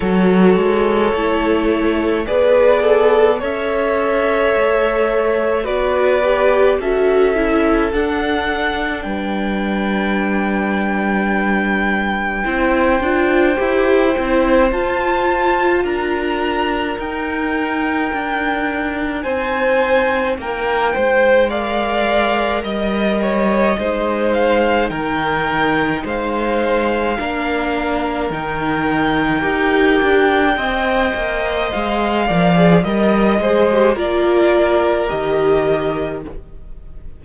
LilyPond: <<
  \new Staff \with { instrumentName = "violin" } { \time 4/4 \tempo 4 = 53 cis''2 b'8 a'8 e''4~ | e''4 d''4 e''4 fis''4 | g''1~ | g''4 a''4 ais''4 g''4~ |
g''4 gis''4 g''4 f''4 | dis''4. f''8 g''4 f''4~ | f''4 g''2. | f''4 dis''8 c''8 d''4 dis''4 | }
  \new Staff \with { instrumentName = "violin" } { \time 4/4 a'2 d''4 cis''4~ | cis''4 b'4 a'2 | b'2. c''4~ | c''2 ais'2~ |
ais'4 c''4 ais'8 c''8 d''4 | dis''8 cis''8 c''4 ais'4 c''4 | ais'2. dis''4~ | dis''8 d''8 dis''4 ais'2 | }
  \new Staff \with { instrumentName = "viola" } { \time 4/4 fis'4 e'4 gis'4 a'4~ | a'4 fis'8 g'8 fis'8 e'8 d'4~ | d'2. e'8 f'8 | g'8 e'8 f'2 dis'4~ |
dis'2. ais'4~ | ais'4 dis'2. | d'4 dis'4 g'4 c''4~ | c''8 ais'16 gis'16 ais'8 gis'16 g'16 f'4 g'4 | }
  \new Staff \with { instrumentName = "cello" } { \time 4/4 fis8 gis8 a4 b4 cis'4 | a4 b4 cis'4 d'4 | g2. c'8 d'8 | e'8 c'8 f'4 d'4 dis'4 |
d'4 c'4 ais8 gis4. | g4 gis4 dis4 gis4 | ais4 dis4 dis'8 d'8 c'8 ais8 | gis8 f8 g8 gis8 ais4 dis4 | }
>>